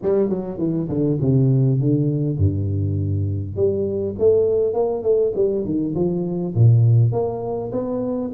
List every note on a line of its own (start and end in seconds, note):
0.02 0.29 G3
0.29 0.58 F#3
0.58 0.87 E3
0.89 1.18 D3
1.20 1.80 C3
1.80 2.37 D3
2.37 3.56 G2
3.56 4.15 G3
4.19 4.73 A3
4.73 5.02 A#3
5.02 5.32 A3
5.35 5.64 G3
5.64 5.94 D#3
5.95 6.54 F3
6.55 7.12 A#2
7.12 7.71 A#3
7.71 8.31 B3